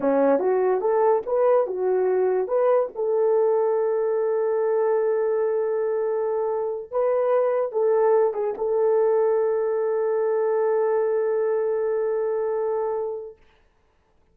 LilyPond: \new Staff \with { instrumentName = "horn" } { \time 4/4 \tempo 4 = 144 cis'4 fis'4 a'4 b'4 | fis'2 b'4 a'4~ | a'1~ | a'1~ |
a'8 b'2 a'4. | gis'8 a'2.~ a'8~ | a'1~ | a'1 | }